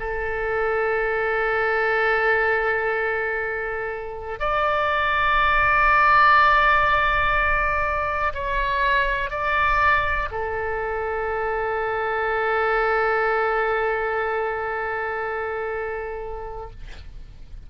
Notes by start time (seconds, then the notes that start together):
0.00 A4
4.40 D5
8.34 C#5
9.31 D5
10.31 A4